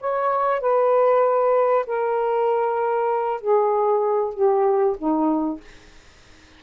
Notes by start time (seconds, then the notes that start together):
0.00 C#5
0.60 B4
1.86 A#4
3.41 G#4
4.34 G4
4.98 D#4